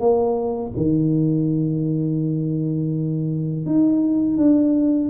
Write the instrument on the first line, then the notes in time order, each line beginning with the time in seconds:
tuba
0.00 A#3
0.77 D#3
3.66 D#4
4.37 D4